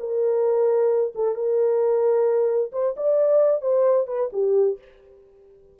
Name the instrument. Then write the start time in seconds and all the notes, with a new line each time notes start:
horn
0.00 A#4
1.15 A4
1.35 A#4
2.73 C5
2.97 D5
3.62 C5
4.07 B4
4.33 G4